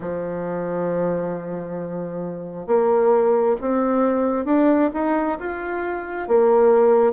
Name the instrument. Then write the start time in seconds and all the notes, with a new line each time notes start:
bassoon
0.00 F3
2.66 A#3
3.61 C4
4.45 D4
4.93 D#4
5.39 F4
6.27 A#3